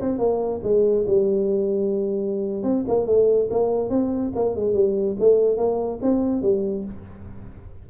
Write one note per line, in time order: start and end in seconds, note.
0.00 0.18 C4
0.18 0.60 A#3
0.63 1.05 G#3
1.06 2.63 G3
2.63 2.84 C4
2.88 3.06 A#3
3.06 3.48 A3
3.50 3.89 A#3
3.89 4.32 C4
4.35 4.55 A#3
4.55 4.74 G#3
4.74 5.16 G3
5.19 5.57 A3
5.57 5.99 A#3
6.02 6.42 C4
6.42 6.84 G3